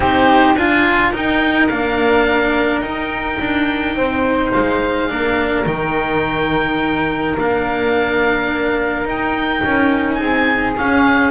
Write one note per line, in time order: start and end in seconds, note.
0.00 0.55 C4
0.00 0.55 D#4
0.00 0.57 G4
0.00 0.55 C5
0.55 1.12 D4
0.55 1.12 F4
0.55 1.12 G#5
1.12 1.68 D#4
1.12 1.70 D#4
1.12 3.95 A#4
1.12 1.68 G5
1.68 2.80 A#3
1.68 2.84 D4
1.68 2.80 F5
2.80 3.37 D#4
2.80 5.08 D#4
2.80 4.50 G5
3.40 3.95 D4
3.95 4.52 C4
3.95 5.10 C5
4.52 5.11 G#3
4.52 5.65 F5
5.08 5.66 A#3
5.08 5.65 D4
5.08 10.19 A#4
5.66 7.35 D#3
5.66 7.36 D#4
5.66 7.36 G5
7.37 9.04 A#3
7.37 9.05 D4
7.37 9.08 F5
9.04 9.61 D#4
9.04 10.75 D#4
9.04 10.14 G5
9.64 10.20 C#4
10.14 11.30 G#4
10.14 10.71 G#5
10.20 10.77 C4
10.76 11.30 C#4
10.76 11.30 F5